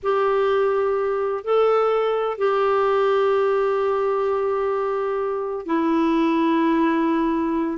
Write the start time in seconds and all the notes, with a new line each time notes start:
0.02 G4
1.44 A4
2.38 G4
5.66 E4